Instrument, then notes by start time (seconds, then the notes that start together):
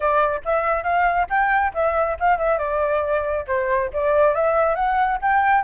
flute
0.00 D5
0.44 E5
0.83 F5
1.29 G5
1.74 E5
2.19 F5
2.38 E5
2.58 D5
3.47 C5
3.93 D5
4.35 E5
4.75 F#5
5.21 G5